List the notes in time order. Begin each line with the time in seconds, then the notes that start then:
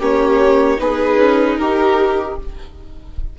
0.00 A#3 C#4 G4 C#5
0.77 B3 D#4 G#4 B4
1.16 C#4
1.57 D#4 G4 A#4